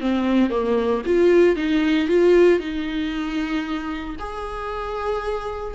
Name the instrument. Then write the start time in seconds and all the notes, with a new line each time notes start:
viola
0.00 C4
0.50 A#3
1.06 F4
1.56 D#4
2.08 F4
2.59 D#4
4.19 G#4